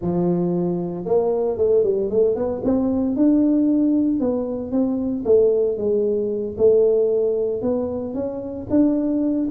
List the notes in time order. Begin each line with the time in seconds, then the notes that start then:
0.01 F3
1.05 A#3
1.57 A3
1.83 G3
2.10 A3
2.35 B3
2.64 C4
3.16 D4
4.20 B3
4.71 C4
5.25 A3
5.77 G#3
6.57 A3
7.61 B3
8.14 C#4
8.70 D4